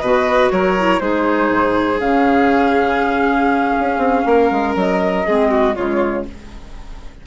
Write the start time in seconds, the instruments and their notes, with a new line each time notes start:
0.00 bassoon B2, clarinet F#4, violin B4, flute D#5
0.51 bassoon F#3, violin A#4, flute C#5
0.78 clarinet E4
1.00 bassoon G#3, clarinet D#4, violin G#4, flute C5
1.51 bassoon G#2
2.00 bassoon C#3, clarinet C#4, flute F5
3.80 bassoon C#4
3.98 bassoon C4
4.26 bassoon A#3, violin A#4
4.51 bassoon G#3
4.76 bassoon F#3, flute D#5
5.27 bassoon G#3, clarinet C4, violin G#4
5.51 violin F#4
5.75 bassoon C#3, clarinet G#3, violin F4, flute C#5